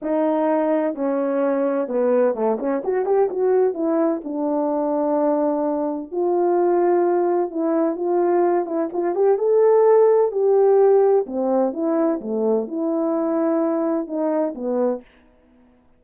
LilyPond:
\new Staff \with { instrumentName = "horn" } { \time 4/4 \tempo 4 = 128 dis'2 cis'2 | b4 a8 cis'8 fis'8 g'8 fis'4 | e'4 d'2.~ | d'4 f'2. |
e'4 f'4. e'8 f'8 g'8 | a'2 g'2 | c'4 e'4 a4 e'4~ | e'2 dis'4 b4 | }